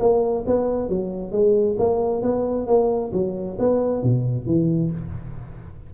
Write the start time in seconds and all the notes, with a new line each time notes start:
0.00 A#3
0.47 B3
0.89 F#3
1.32 G#3
1.79 A#3
2.22 B3
2.67 A#3
3.13 F#3
3.59 B3
4.03 B2
4.46 E3